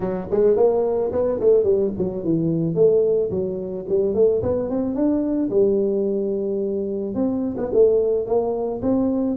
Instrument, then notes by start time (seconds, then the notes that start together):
tuba
0.00 F#3
0.30 G#3
0.56 A#3
1.12 B3
1.40 A3
1.63 G3
1.98 F#3
2.24 E3
2.74 A3
3.30 F#3
3.88 G3
4.14 A3
4.42 B3
4.69 C4
4.94 D4
5.49 G3
7.14 C4
7.57 B3
7.73 A3
8.26 A#3
8.81 C4